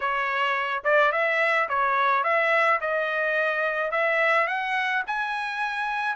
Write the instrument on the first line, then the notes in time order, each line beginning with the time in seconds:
trumpet
0.00 C#5
0.83 D5
1.12 E5
1.68 C#5
2.23 E5
2.80 D#5
3.91 E5
4.47 F#5
5.06 G#5